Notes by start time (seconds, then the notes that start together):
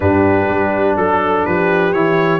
0.00 G2 D4 G4 B4
0.49 G3
0.96 F#3 A4
1.45 F3 G4 B4
1.92 E3 E4 C#5